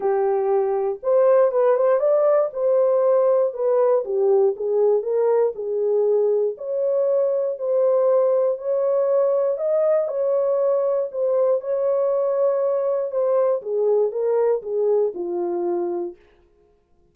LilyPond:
\new Staff \with { instrumentName = "horn" } { \time 4/4 \tempo 4 = 119 g'2 c''4 b'8 c''8 | d''4 c''2 b'4 | g'4 gis'4 ais'4 gis'4~ | gis'4 cis''2 c''4~ |
c''4 cis''2 dis''4 | cis''2 c''4 cis''4~ | cis''2 c''4 gis'4 | ais'4 gis'4 f'2 | }